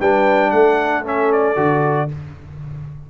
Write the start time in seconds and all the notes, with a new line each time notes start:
0.00 G3 D4 B4 G5
0.50 A3 A4 F#5
1.04 C#4 E5
1.32 D5
1.56 D3 F#4